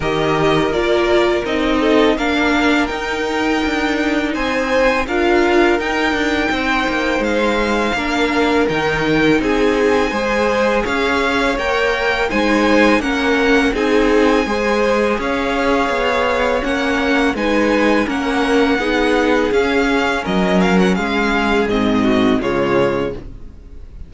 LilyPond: <<
  \new Staff \with { instrumentName = "violin" } { \time 4/4 \tempo 4 = 83 dis''4 d''4 dis''4 f''4 | g''2 gis''4 f''4 | g''2 f''2 | g''4 gis''2 f''4 |
g''4 gis''4 fis''4 gis''4~ | gis''4 f''2 fis''4 | gis''4 fis''2 f''4 | dis''8 f''16 fis''16 f''4 dis''4 cis''4 | }
  \new Staff \with { instrumentName = "violin" } { \time 4/4 ais'2~ ais'8 a'8 ais'4~ | ais'2 c''4 ais'4~ | ais'4 c''2 ais'4~ | ais'4 gis'4 c''4 cis''4~ |
cis''4 c''4 ais'4 gis'4 | c''4 cis''2. | b'4 ais'4 gis'2 | ais'4 gis'4. fis'8 f'4 | }
  \new Staff \with { instrumentName = "viola" } { \time 4/4 g'4 f'4 dis'4 d'4 | dis'2. f'4 | dis'2. d'4 | dis'2 gis'2 |
ais'4 dis'4 cis'4 dis'4 | gis'2. cis'4 | dis'4 cis'4 dis'4 cis'4~ | cis'2 c'4 gis4 | }
  \new Staff \with { instrumentName = "cello" } { \time 4/4 dis4 ais4 c'4 ais4 | dis'4 d'4 c'4 d'4 | dis'8 d'8 c'8 ais8 gis4 ais4 | dis4 c'4 gis4 cis'4 |
ais4 gis4 ais4 c'4 | gis4 cis'4 b4 ais4 | gis4 ais4 b4 cis'4 | fis4 gis4 gis,4 cis4 | }
>>